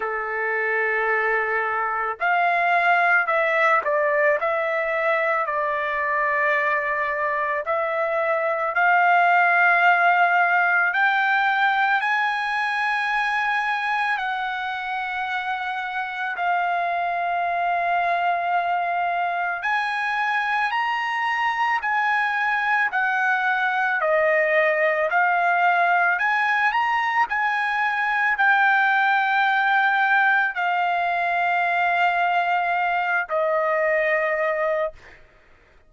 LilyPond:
\new Staff \with { instrumentName = "trumpet" } { \time 4/4 \tempo 4 = 55 a'2 f''4 e''8 d''8 | e''4 d''2 e''4 | f''2 g''4 gis''4~ | gis''4 fis''2 f''4~ |
f''2 gis''4 ais''4 | gis''4 fis''4 dis''4 f''4 | gis''8 ais''8 gis''4 g''2 | f''2~ f''8 dis''4. | }